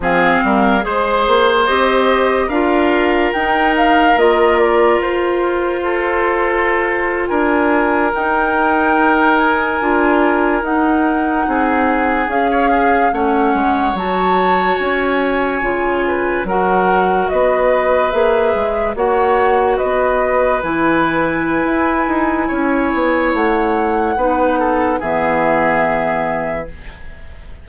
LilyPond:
<<
  \new Staff \with { instrumentName = "flute" } { \time 4/4 \tempo 4 = 72 f''4 c''4 dis''4 f''4 | g''8 f''8 dis''8 d''8 c''2~ | c''8. gis''4 g''4. gis''8.~ | gis''8. fis''2 f''4 fis''16~ |
fis''8. a''4 gis''2 fis''16~ | fis''8. dis''4 e''4 fis''4 dis''16~ | dis''8. gis''2.~ gis''16 | fis''2 e''2 | }
  \new Staff \with { instrumentName = "oboe" } { \time 4/4 gis'8 ais'8 c''2 ais'4~ | ais'2. a'4~ | a'8. ais'2.~ ais'16~ | ais'4.~ ais'16 gis'4~ gis'16 cis''16 gis'8 cis''16~ |
cis''2.~ cis''16 b'8 ais'16~ | ais'8. b'2 cis''4 b'16~ | b'2. cis''4~ | cis''4 b'8 a'8 gis'2 | }
  \new Staff \with { instrumentName = "clarinet" } { \time 4/4 c'4 gis'4 g'4 f'4 | dis'4 f'2.~ | f'4.~ f'16 dis'2 f'16~ | f'8. dis'2 gis'4 cis'16~ |
cis'8. fis'2 f'4 fis'16~ | fis'4.~ fis'16 gis'4 fis'4~ fis'16~ | fis'8. e'2.~ e'16~ | e'4 dis'4 b2 | }
  \new Staff \with { instrumentName = "bassoon" } { \time 4/4 f8 g8 gis8 ais8 c'4 d'4 | dis'4 ais4 f'2~ | f'8. d'4 dis'2 d'16~ | d'8. dis'4 c'4 cis'4 a16~ |
a16 gis8 fis4 cis'4 cis4 fis16~ | fis8. b4 ais8 gis8 ais4 b16~ | b8. e4~ e16 e'8 dis'8 cis'8 b8 | a4 b4 e2 | }
>>